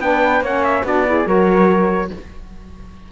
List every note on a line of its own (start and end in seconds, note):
0.00 0.41 B3
0.00 0.44 D4
0.00 0.43 B4
0.00 0.43 G5
0.41 0.83 A#3
0.41 0.86 C#4
0.41 0.83 C#5
0.41 0.64 F#5
0.64 0.85 E5
0.83 1.26 B3
0.83 1.06 D4
0.83 1.04 F#4
0.83 1.28 D5
1.06 1.26 E4
1.06 1.27 G#4
1.26 2.11 F#3
1.26 2.10 F#4
1.26 2.11 A#4
1.26 2.12 C#5